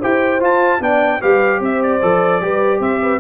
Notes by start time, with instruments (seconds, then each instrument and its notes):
0.00 tuba E4, trombone G4, horn C5, trumpet G5
0.40 trombone F4, tuba F4, trumpet A5
0.80 tuba B3, trombone D4, horn D5, trumpet G5
1.21 tuba G3, trombone G4, horn B4, trumpet F5
1.60 tuba C4, horn C5, trumpet E5
1.83 trumpet D5
2.02 tuba F3, trombone A4
2.41 tuba G3, trombone G4, horn B4
2.80 tuba C4, horn C5, trumpet E5
3.02 horn B4